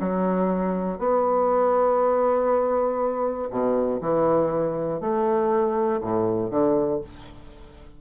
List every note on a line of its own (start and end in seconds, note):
0.00 0.99 F#3
0.99 3.49 B3
3.51 4.01 B2
4.01 5.01 E3
5.01 6.01 A3
6.01 6.51 A2
6.51 7.01 D3